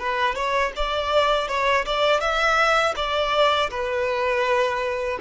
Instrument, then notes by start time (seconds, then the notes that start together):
violin
0.00 B4
0.36 C#5
0.76 D5
1.48 C#5
1.86 D5
2.21 E5
2.96 D5
3.71 B4